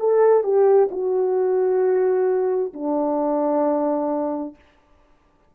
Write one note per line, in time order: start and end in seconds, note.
0.00 0.43 A4
0.43 0.89 G4
0.91 2.73 F#4
2.73 4.55 D4